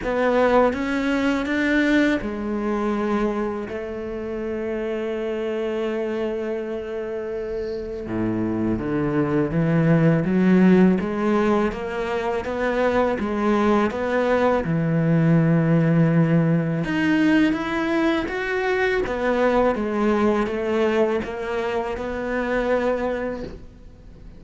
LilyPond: \new Staff \with { instrumentName = "cello" } { \time 4/4 \tempo 4 = 82 b4 cis'4 d'4 gis4~ | gis4 a2.~ | a2. a,4 | d4 e4 fis4 gis4 |
ais4 b4 gis4 b4 | e2. dis'4 | e'4 fis'4 b4 gis4 | a4 ais4 b2 | }